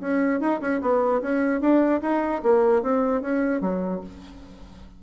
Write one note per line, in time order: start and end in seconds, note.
0.00 0.40 C#4
0.40 0.60 D#4
0.60 0.80 C#4
0.81 1.21 B3
1.21 1.61 C#4
1.61 2.01 D4
2.01 2.41 D#4
2.43 2.82 A#3
2.82 3.21 C4
3.21 3.61 C#4
3.61 4.01 F#3